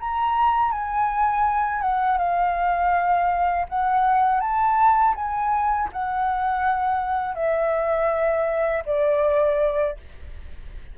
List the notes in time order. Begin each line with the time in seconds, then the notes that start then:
0.00 A#5
0.72 G#5
1.82 F#5
2.18 F5
3.69 F#5
4.41 A5
5.15 G#5
5.93 F#5
7.35 E5
8.86 D5